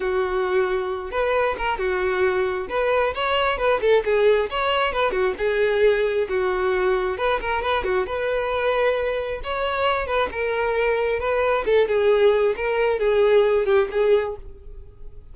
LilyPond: \new Staff \with { instrumentName = "violin" } { \time 4/4 \tempo 4 = 134 fis'2~ fis'8 b'4 ais'8 | fis'2 b'4 cis''4 | b'8 a'8 gis'4 cis''4 b'8 fis'8 | gis'2 fis'2 |
b'8 ais'8 b'8 fis'8 b'2~ | b'4 cis''4. b'8 ais'4~ | ais'4 b'4 a'8 gis'4. | ais'4 gis'4. g'8 gis'4 | }